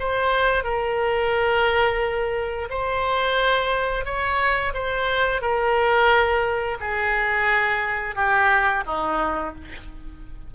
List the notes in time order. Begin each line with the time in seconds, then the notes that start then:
0.00 C5
0.64 A#4
2.71 C5
4.05 C#5
4.74 C5
5.42 A#4
6.81 G#4
8.16 G4
8.87 D#4